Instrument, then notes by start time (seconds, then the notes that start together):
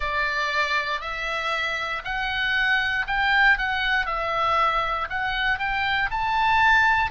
oboe
0.00 D5
1.00 E5
2.04 F#5
3.07 G5
3.57 F#5
4.06 E5
5.09 F#5
5.58 G5
6.11 A5